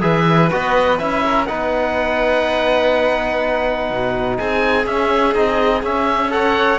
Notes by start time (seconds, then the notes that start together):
0.00 E3 G#4 B4 E5
0.51 B3 F#4 D#5
0.98 C#4 E4 E5
1.24 A#4
1.46 B3 D#4 B4 F#5
3.90 B2
4.36 C4 G#4 G#5
4.85 C#4 E5
5.33 C4 D#4 D#5
5.82 C#4 E5
6.29 A4 C#5 F#5